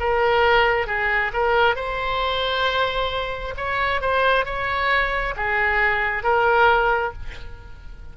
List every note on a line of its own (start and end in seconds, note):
0.00 0.87 A#4
0.87 1.32 G#4
1.34 1.76 A#4
1.76 3.55 C5
3.57 4.01 C#5
4.01 4.45 C5
4.45 5.35 C#5
5.37 6.24 G#4
6.24 7.13 A#4